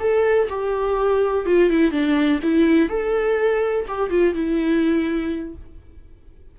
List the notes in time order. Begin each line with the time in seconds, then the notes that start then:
0.00 A4
0.49 G4
1.46 F4
1.70 E4
1.91 D4
2.43 E4
2.89 A4
3.88 G4
4.10 F4
4.34 E4